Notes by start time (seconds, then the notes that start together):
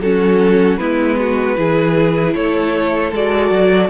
0.00 F#3 C#4 F#4 A4
0.78 G#3 B3 E4 B4
1.19 F#4
1.56 E3 E4 G#4
2.35 A3 A4 C#5
3.12 G#3 F#4 D5
3.51 F#3